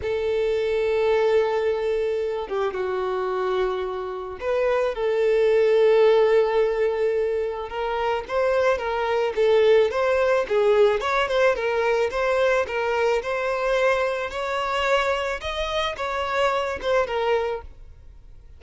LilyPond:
\new Staff \with { instrumentName = "violin" } { \time 4/4 \tempo 4 = 109 a'1~ | a'8 g'8 fis'2. | b'4 a'2.~ | a'2 ais'4 c''4 |
ais'4 a'4 c''4 gis'4 | cis''8 c''8 ais'4 c''4 ais'4 | c''2 cis''2 | dis''4 cis''4. c''8 ais'4 | }